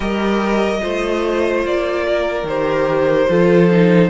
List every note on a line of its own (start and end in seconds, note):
0.00 0.81 G3
0.00 0.79 G4
0.00 0.80 A#4
0.00 1.63 D#5
0.80 1.64 A3
0.80 2.45 F4
0.80 2.05 C5
1.64 2.43 A#3
1.64 2.47 D5
2.07 3.29 A#4
2.43 3.26 D#3
2.43 3.29 G4
2.43 4.09 C5
3.29 4.09 F3
3.29 3.70 F4
3.29 4.09 A4
3.71 4.09 D#4